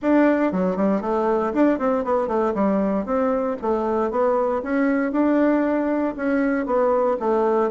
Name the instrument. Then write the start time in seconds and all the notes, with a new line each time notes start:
bassoon
0.02 D4
0.52 F#3
0.76 G3
1.01 A3
1.53 D4
1.78 C4
2.04 B3
2.27 A3
2.54 G3
3.05 C4
3.61 A3
4.10 B3
4.62 C#4
5.12 D4
6.16 C#4
6.66 B3
7.19 A3